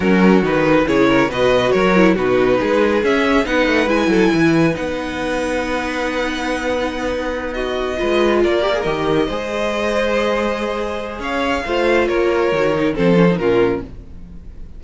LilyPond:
<<
  \new Staff \with { instrumentName = "violin" } { \time 4/4 \tempo 4 = 139 ais'4 b'4 cis''4 dis''4 | cis''4 b'2 e''4 | fis''4 gis''2 fis''4~ | fis''1~ |
fis''4. dis''2 d''8~ | d''8 dis''2.~ dis''8~ | dis''2 f''2 | cis''2 c''4 ais'4 | }
  \new Staff \with { instrumentName = "violin" } { \time 4/4 fis'2 gis'8 ais'8 b'4 | ais'4 fis'4 gis'2 | b'4. a'8 b'2~ | b'1~ |
b'4. fis'4 b'4 ais'8~ | ais'4. c''2~ c''8~ | c''2 cis''4 c''4 | ais'2 a'4 f'4 | }
  \new Staff \with { instrumentName = "viola" } { \time 4/4 cis'4 dis'4 e'4 fis'4~ | fis'8 e'8 dis'2 cis'4 | dis'4 e'2 dis'4~ | dis'1~ |
dis'2~ dis'8 f'4. | g'16 gis'16 g'4 gis'2~ gis'8~ | gis'2. f'4~ | f'4 fis'8 dis'8 c'8 cis'16 dis'16 cis'4 | }
  \new Staff \with { instrumentName = "cello" } { \time 4/4 fis4 dis4 cis4 b,4 | fis4 b,4 gis4 cis'4 | b8 a8 gis8 fis8 e4 b4~ | b1~ |
b2~ b8 gis4 ais8~ | ais8 dis4 gis2~ gis8~ | gis2 cis'4 a4 | ais4 dis4 f4 ais,4 | }
>>